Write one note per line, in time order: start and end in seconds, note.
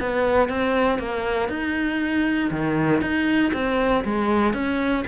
0.00 0.49 B3
0.49 0.99 C4
0.99 1.49 A#3
1.49 2.51 D#4
2.51 3.01 D#3
3.01 3.52 D#4
3.53 4.04 C4
4.04 4.53 G#3
4.53 5.04 C#4